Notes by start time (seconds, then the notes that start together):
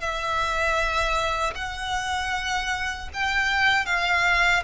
0.00 E5
1.55 F#5
3.13 G5
3.86 F5